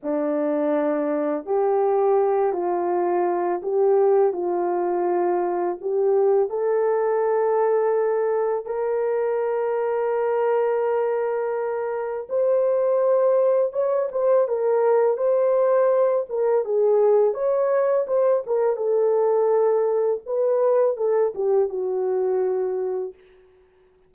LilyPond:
\new Staff \with { instrumentName = "horn" } { \time 4/4 \tempo 4 = 83 d'2 g'4. f'8~ | f'4 g'4 f'2 | g'4 a'2. | ais'1~ |
ais'4 c''2 cis''8 c''8 | ais'4 c''4. ais'8 gis'4 | cis''4 c''8 ais'8 a'2 | b'4 a'8 g'8 fis'2 | }